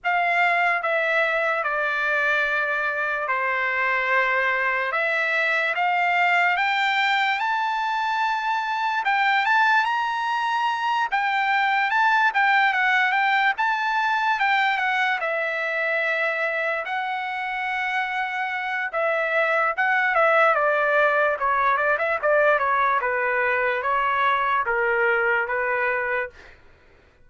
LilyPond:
\new Staff \with { instrumentName = "trumpet" } { \time 4/4 \tempo 4 = 73 f''4 e''4 d''2 | c''2 e''4 f''4 | g''4 a''2 g''8 a''8 | ais''4. g''4 a''8 g''8 fis''8 |
g''8 a''4 g''8 fis''8 e''4.~ | e''8 fis''2~ fis''8 e''4 | fis''8 e''8 d''4 cis''8 d''16 e''16 d''8 cis''8 | b'4 cis''4 ais'4 b'4 | }